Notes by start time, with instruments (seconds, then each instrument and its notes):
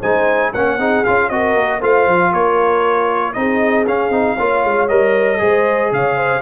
0.00 tuba G#3, trombone D#4, horn C5, trumpet G#5
0.53 tuba A#3, trombone C#4, horn C#5, trumpet F#5
0.78 tuba C4, trombone D#4, horn G#4
1.05 tuba C#4, trombone F4, trumpet F5
1.29 tuba C4, trombone F#4, horn A#4, trumpet D#5
1.55 tuba A#3
1.79 tuba A3, trombone F4, horn C5, trumpet F5
2.07 tuba F3
2.31 tuba A#3, horn A#4, trumpet C#5
3.34 tuba C4, trombone D#4, horn G#4, trumpet D#5
3.85 tuba C#4, trombone C#4, trumpet F5
4.10 tuba C4, trombone D#4
4.37 tuba A#3, trombone F4, horn C#5
4.65 tuba G#3
4.89 tuba G3, trombone A#4, trumpet D#5
5.39 tuba G#3, trombone G#4, horn C5
5.92 tuba C#3, horn C#5, trumpet F5
6.17 horn C5